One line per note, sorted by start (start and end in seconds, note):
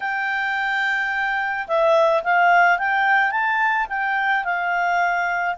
0.00 1.67 G5
1.67 2.23 E5
2.23 2.78 F5
2.78 3.31 G5
3.31 3.86 A5
3.89 4.44 G5
4.44 5.55 F5